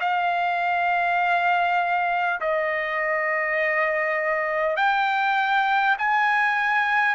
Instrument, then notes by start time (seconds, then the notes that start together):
trumpet
0.00 F5
2.41 D#5
4.76 G5
5.98 G#5